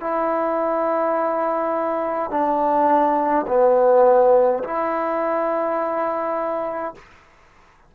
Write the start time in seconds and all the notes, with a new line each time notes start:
0.00 E4
2.30 D4
3.47 B3
4.63 E4